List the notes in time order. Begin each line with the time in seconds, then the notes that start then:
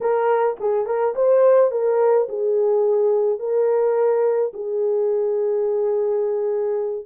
0.00 A#4
0.59 G#4
0.86 A#4
1.15 C5
1.71 A#4
2.28 G#4
3.39 A#4
4.53 G#4